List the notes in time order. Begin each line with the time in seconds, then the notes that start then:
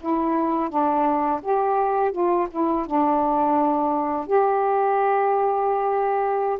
0.00 E4
0.69 D4
1.42 G4
2.11 F4
2.50 E4
2.86 D4
4.26 G4